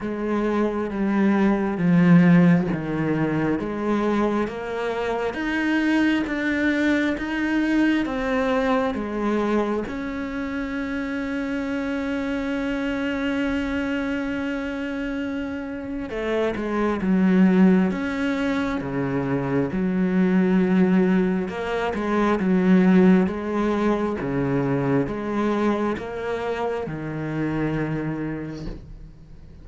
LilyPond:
\new Staff \with { instrumentName = "cello" } { \time 4/4 \tempo 4 = 67 gis4 g4 f4 dis4 | gis4 ais4 dis'4 d'4 | dis'4 c'4 gis4 cis'4~ | cis'1~ |
cis'2 a8 gis8 fis4 | cis'4 cis4 fis2 | ais8 gis8 fis4 gis4 cis4 | gis4 ais4 dis2 | }